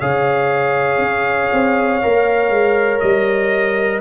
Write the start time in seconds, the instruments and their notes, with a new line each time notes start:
0.00 tuba C#3, trombone G#4, horn C#5, trumpet F5
0.98 tuba C#4
1.53 tuba C4
2.02 tuba A#3, trombone A#4
2.49 tuba G#3
3.00 tuba G3, trumpet D#5